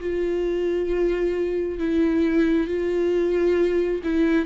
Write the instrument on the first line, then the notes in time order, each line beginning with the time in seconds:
viola
0.00 F4
1.79 E4
2.67 F4
4.03 E4